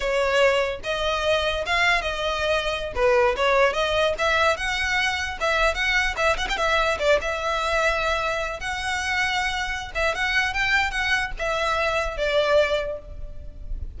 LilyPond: \new Staff \with { instrumentName = "violin" } { \time 4/4 \tempo 4 = 148 cis''2 dis''2 | f''4 dis''2~ dis''16 b'8.~ | b'16 cis''4 dis''4 e''4 fis''8.~ | fis''4~ fis''16 e''4 fis''4 e''8 fis''16 |
g''16 e''4 d''8 e''2~ e''16~ | e''4~ e''16 fis''2~ fis''8.~ | fis''8 e''8 fis''4 g''4 fis''4 | e''2 d''2 | }